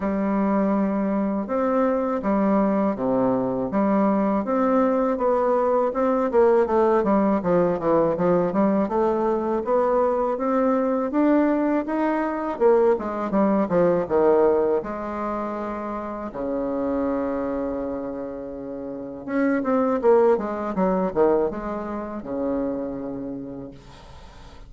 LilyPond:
\new Staff \with { instrumentName = "bassoon" } { \time 4/4 \tempo 4 = 81 g2 c'4 g4 | c4 g4 c'4 b4 | c'8 ais8 a8 g8 f8 e8 f8 g8 | a4 b4 c'4 d'4 |
dis'4 ais8 gis8 g8 f8 dis4 | gis2 cis2~ | cis2 cis'8 c'8 ais8 gis8 | fis8 dis8 gis4 cis2 | }